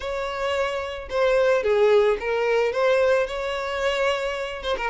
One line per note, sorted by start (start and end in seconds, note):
0.00 1.08 C#5
1.09 1.63 C5
1.63 2.17 G#4
2.20 2.72 A#4
2.72 3.26 C5
3.26 4.62 C#5
4.62 4.76 C5
4.77 4.90 A#4